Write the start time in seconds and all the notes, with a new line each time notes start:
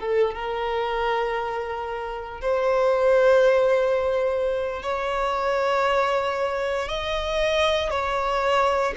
0.00 A4
0.34 A#4
2.41 C5
4.83 C#5
6.89 D#5
7.91 C#5